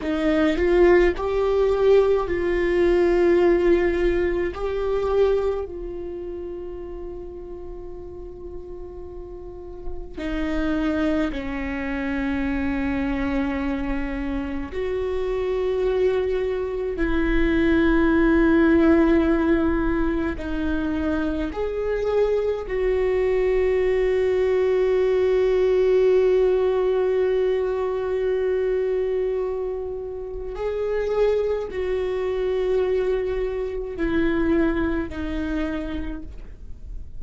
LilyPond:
\new Staff \with { instrumentName = "viola" } { \time 4/4 \tempo 4 = 53 dis'8 f'8 g'4 f'2 | g'4 f'2.~ | f'4 dis'4 cis'2~ | cis'4 fis'2 e'4~ |
e'2 dis'4 gis'4 | fis'1~ | fis'2. gis'4 | fis'2 e'4 dis'4 | }